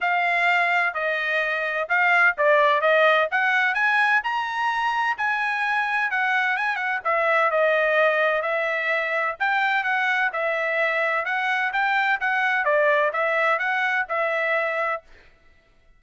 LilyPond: \new Staff \with { instrumentName = "trumpet" } { \time 4/4 \tempo 4 = 128 f''2 dis''2 | f''4 d''4 dis''4 fis''4 | gis''4 ais''2 gis''4~ | gis''4 fis''4 gis''8 fis''8 e''4 |
dis''2 e''2 | g''4 fis''4 e''2 | fis''4 g''4 fis''4 d''4 | e''4 fis''4 e''2 | }